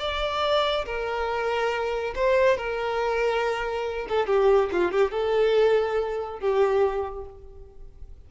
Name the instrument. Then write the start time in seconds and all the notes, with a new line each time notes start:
violin
0.00 D5
0.86 A#4
2.16 C5
2.57 A#4
4.09 A4
4.27 G4
4.72 F4
4.92 G4
5.12 A4
6.40 G4